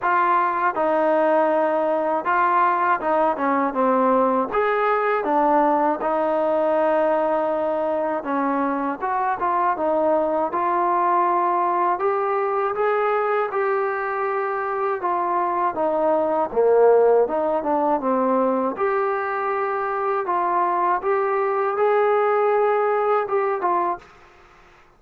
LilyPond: \new Staff \with { instrumentName = "trombone" } { \time 4/4 \tempo 4 = 80 f'4 dis'2 f'4 | dis'8 cis'8 c'4 gis'4 d'4 | dis'2. cis'4 | fis'8 f'8 dis'4 f'2 |
g'4 gis'4 g'2 | f'4 dis'4 ais4 dis'8 d'8 | c'4 g'2 f'4 | g'4 gis'2 g'8 f'8 | }